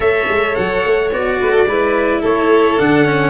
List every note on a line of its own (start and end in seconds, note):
0.00 0.26 A3
0.00 1.09 A4
0.00 1.39 C#5
0.00 0.55 E5
0.28 0.56 G#3
0.55 0.85 F#3
0.55 1.10 F#5
0.85 1.11 A3
1.11 1.39 B3
1.11 1.67 F#4
1.11 2.23 D5
1.40 1.66 A3
1.40 1.51 B4
1.51 1.65 A4
1.66 2.21 G#3
1.66 2.77 E4
1.66 2.21 B4
2.21 2.79 A3
2.21 3.30 A4
2.21 2.79 C#5
2.77 3.30 D3
2.77 3.05 D4
2.77 3.30 F#5
3.05 3.30 C#4